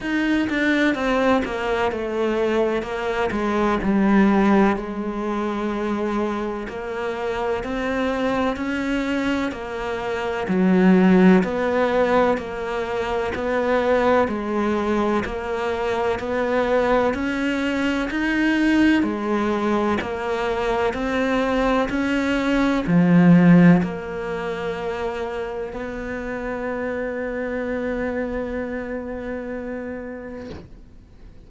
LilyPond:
\new Staff \with { instrumentName = "cello" } { \time 4/4 \tempo 4 = 63 dis'8 d'8 c'8 ais8 a4 ais8 gis8 | g4 gis2 ais4 | c'4 cis'4 ais4 fis4 | b4 ais4 b4 gis4 |
ais4 b4 cis'4 dis'4 | gis4 ais4 c'4 cis'4 | f4 ais2 b4~ | b1 | }